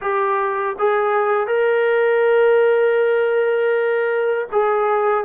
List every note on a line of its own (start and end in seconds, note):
0.01 0.76 G4
0.78 1.47 G#4
1.47 4.47 A#4
4.51 5.24 G#4